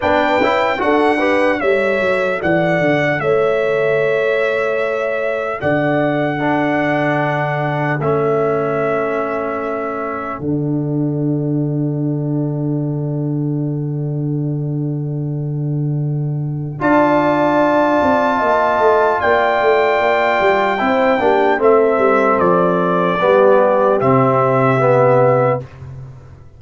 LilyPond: <<
  \new Staff \with { instrumentName = "trumpet" } { \time 4/4 \tempo 4 = 75 g''4 fis''4 e''4 fis''4 | e''2. fis''4~ | fis''2 e''2~ | e''4 fis''2.~ |
fis''1~ | fis''4 a''2. | g''2. e''4 | d''2 e''2 | }
  \new Staff \with { instrumentName = "horn" } { \time 4/4 b'4 a'8 b'8 cis''4 d''4 | cis''2. d''4 | a'1~ | a'1~ |
a'1~ | a'4 d''2 dis''4 | d''2 c''8 g'8 a'4~ | a'4 g'2. | }
  \new Staff \with { instrumentName = "trombone" } { \time 4/4 d'8 e'8 fis'8 g'8 a'2~ | a'1 | d'2 cis'2~ | cis'4 d'2.~ |
d'1~ | d'4 f'2.~ | f'2 e'8 d'8 c'4~ | c'4 b4 c'4 b4 | }
  \new Staff \with { instrumentName = "tuba" } { \time 4/4 b8 cis'8 d'4 g8 fis8 e8 d8 | a2. d4~ | d2 a2~ | a4 d2.~ |
d1~ | d4 d'4. c'8 ais8 a8 | ais8 a8 ais8 g8 c'8 ais8 a8 g8 | f4 g4 c2 | }
>>